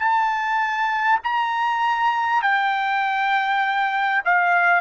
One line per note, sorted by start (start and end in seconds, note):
0.00 1.20 A5
1.24 2.43 A#5
2.43 4.23 G5
4.25 4.82 F5